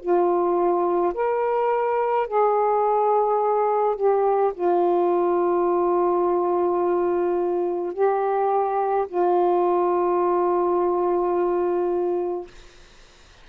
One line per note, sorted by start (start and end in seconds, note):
0.00 1.13 F4
1.14 2.27 A#4
2.27 3.95 G#4
3.95 4.52 G4
4.54 7.93 F4
7.93 9.06 G4
9.08 12.47 F4